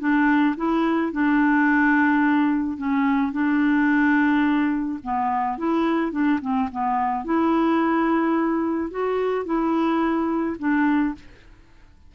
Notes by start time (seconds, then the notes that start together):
0.00 D4
0.57 E4
1.12 D4
2.78 C#4
3.33 D4
5.04 B3
5.58 E4
6.12 D4
6.41 C4
6.72 B3
7.24 E4
8.91 F#4
9.46 E4
10.59 D4